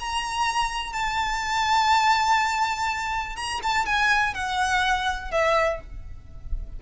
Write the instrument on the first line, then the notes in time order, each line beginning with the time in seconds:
violin
0.00 A#5
0.93 A5
3.37 A#5
3.63 A5
3.86 G#5
4.34 F#5
5.32 E5